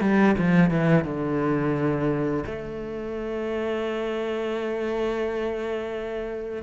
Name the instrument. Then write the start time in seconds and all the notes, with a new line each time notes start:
cello
0.00 G3
0.38 F3
0.70 E3
1.04 D3
2.46 A3